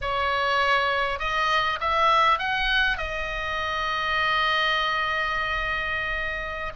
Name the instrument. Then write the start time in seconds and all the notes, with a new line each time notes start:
oboe
0.01 C#5
1.19 D#5
1.80 E5
2.38 F#5
2.97 D#5